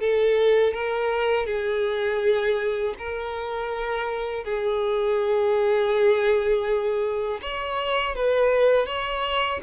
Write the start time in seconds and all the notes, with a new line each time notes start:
0.00 A4
0.73 A#4
1.46 G#4
2.98 A#4
4.44 G#4
7.42 C#5
8.15 B4
8.86 C#5